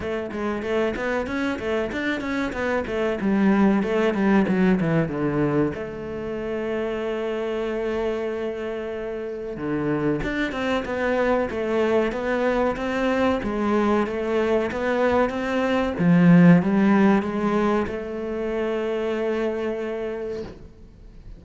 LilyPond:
\new Staff \with { instrumentName = "cello" } { \time 4/4 \tempo 4 = 94 a8 gis8 a8 b8 cis'8 a8 d'8 cis'8 | b8 a8 g4 a8 g8 fis8 e8 | d4 a2.~ | a2. d4 |
d'8 c'8 b4 a4 b4 | c'4 gis4 a4 b4 | c'4 f4 g4 gis4 | a1 | }